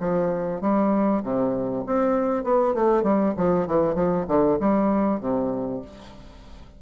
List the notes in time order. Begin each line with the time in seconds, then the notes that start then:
0.00 F3
0.61 G3
1.23 C3
1.86 C4
2.44 B3
2.74 A3
3.03 G3
3.37 F3
3.67 E3
3.95 F3
4.28 D3
4.60 G3
5.20 C3